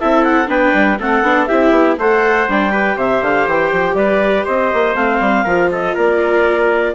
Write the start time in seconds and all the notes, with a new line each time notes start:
0.00 C4 E4 A4 E5
0.24 F#5
0.47 B3 D4 B4 G5
0.74 G3
0.99 A3 C4 A4 F#5
1.22 B3 D4
1.46 C4 E4 G4 E5
1.71 B3
1.98 A3 A4 C5 F#5
2.48 G3 D4 G5
2.71 G4 B4
2.96 C3 C5 E5
3.21 D3 F5
3.46 E3 G5
3.72 F3
3.94 G3 B4 D5
4.45 C4 C5 D#5
4.73 A#3
4.94 A3 C4 F5
5.20 G3
5.44 F3 F4 A#4
5.71 A4 D#5
5.95 A#3 A#4 D5